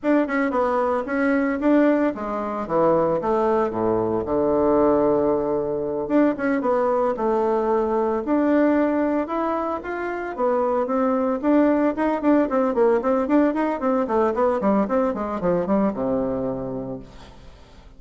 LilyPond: \new Staff \with { instrumentName = "bassoon" } { \time 4/4 \tempo 4 = 113 d'8 cis'8 b4 cis'4 d'4 | gis4 e4 a4 a,4 | d2.~ d8 d'8 | cis'8 b4 a2 d'8~ |
d'4. e'4 f'4 b8~ | b8 c'4 d'4 dis'8 d'8 c'8 | ais8 c'8 d'8 dis'8 c'8 a8 b8 g8 | c'8 gis8 f8 g8 c2 | }